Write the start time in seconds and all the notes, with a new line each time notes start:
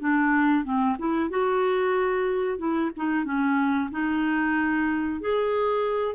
0.00 D4
0.64 C4
0.99 E4
1.30 F#4
2.58 E4
2.97 D#4
3.25 C#4
3.91 D#4
5.21 G#4